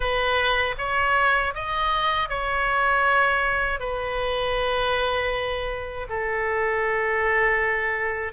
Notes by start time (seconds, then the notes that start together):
0.00 B4
0.78 C#5
1.54 D#5
2.29 C#5
3.79 B4
6.09 A4